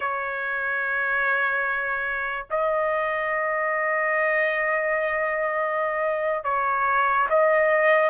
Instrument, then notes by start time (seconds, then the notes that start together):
trumpet
0.00 C#5
2.50 D#5
6.44 C#5
7.29 D#5